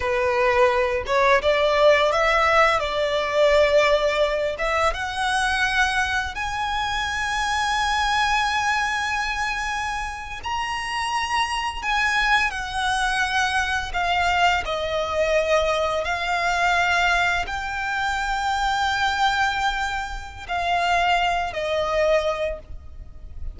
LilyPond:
\new Staff \with { instrumentName = "violin" } { \time 4/4 \tempo 4 = 85 b'4. cis''8 d''4 e''4 | d''2~ d''8 e''8 fis''4~ | fis''4 gis''2.~ | gis''2~ gis''8. ais''4~ ais''16~ |
ais''8. gis''4 fis''2 f''16~ | f''8. dis''2 f''4~ f''16~ | f''8. g''2.~ g''16~ | g''4 f''4. dis''4. | }